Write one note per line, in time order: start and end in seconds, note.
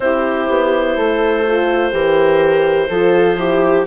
0.00 0.47 C4
0.00 1.46 E4
0.00 0.96 G4
0.00 3.86 C5
0.49 0.97 B3
0.96 1.92 A3
0.96 1.93 A4
1.46 1.91 F4
1.91 2.88 E3
1.91 2.88 G4
1.91 2.89 A#4
2.89 3.86 F3
2.89 3.36 F4
2.89 3.37 A4
3.36 3.85 E4
3.36 3.86 G4